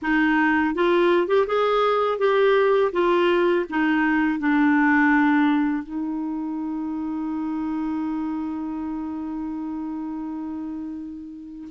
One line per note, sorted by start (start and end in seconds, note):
0.02 0.75 D#4
0.75 1.27 F4
1.27 1.46 G4
1.46 2.18 G#4
2.18 2.91 G4
2.92 3.65 F4
3.70 4.39 D#4
4.39 5.83 D4
5.83 11.68 D#4